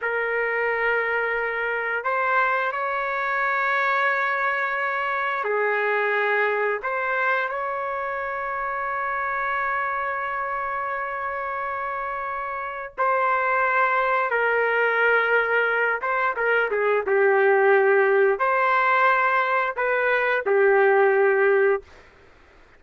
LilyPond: \new Staff \with { instrumentName = "trumpet" } { \time 4/4 \tempo 4 = 88 ais'2. c''4 | cis''1 | gis'2 c''4 cis''4~ | cis''1~ |
cis''2. c''4~ | c''4 ais'2~ ais'8 c''8 | ais'8 gis'8 g'2 c''4~ | c''4 b'4 g'2 | }